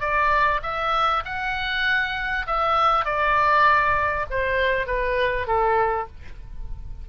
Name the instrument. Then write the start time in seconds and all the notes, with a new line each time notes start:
oboe
0.00 D5
0.63 E5
1.25 F#5
2.47 E5
3.05 D5
4.30 C5
4.87 B4
5.47 A4